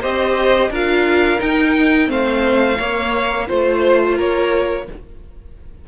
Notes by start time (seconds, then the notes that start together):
0.00 C4 G4 C5 D#5
0.70 D4 F4 A#4 F5
1.39 D#4 G5
2.06 A3 C4 C5 F5
2.78 A#3 C#5
3.48 A3 F4 C5
4.15 A#3 A#4 C#5